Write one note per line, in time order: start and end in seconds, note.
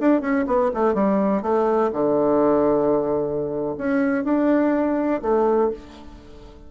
0.00 0.21 D4
0.21 0.45 C#4
0.47 0.71 B3
0.73 0.94 A3
0.94 1.42 G3
1.42 1.90 A3
1.92 3.75 D3
3.77 4.24 C#4
4.24 5.21 D4
5.21 5.70 A3